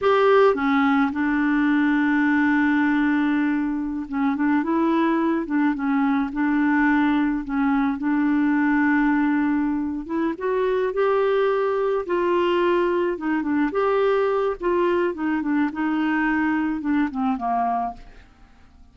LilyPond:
\new Staff \with { instrumentName = "clarinet" } { \time 4/4 \tempo 4 = 107 g'4 cis'4 d'2~ | d'2.~ d'16 cis'8 d'16~ | d'16 e'4. d'8 cis'4 d'8.~ | d'4~ d'16 cis'4 d'4.~ d'16~ |
d'2 e'8 fis'4 g'8~ | g'4. f'2 dis'8 | d'8 g'4. f'4 dis'8 d'8 | dis'2 d'8 c'8 ais4 | }